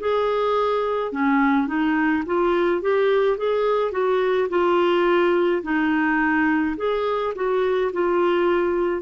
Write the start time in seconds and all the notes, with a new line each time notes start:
0.00 G#4
1.12 C#4
1.67 D#4
2.26 F4
2.81 G4
3.38 G#4
3.92 F#4
4.50 F4
5.63 D#4
6.77 G#4
7.35 F#4
7.93 F4